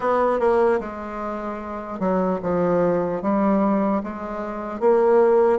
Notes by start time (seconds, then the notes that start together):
0.00 B3
0.39 A#3
0.80 G#3
1.99 F#3
2.42 F3
3.22 G3
4.03 G#3
4.80 A#3